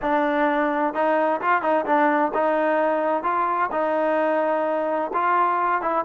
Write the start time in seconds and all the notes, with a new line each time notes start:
0.01 D4
0.94 D#4
1.41 F4
1.62 D#4
1.85 D4
2.33 D#4
3.23 F4
3.71 D#4
5.13 F4
5.81 E4